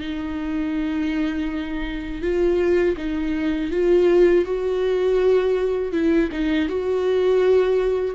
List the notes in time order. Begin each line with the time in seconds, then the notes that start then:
0.00 D#4
2.22 F4
2.96 D#4
3.71 F4
4.44 F#4
5.92 E4
6.32 D#4
6.68 F#4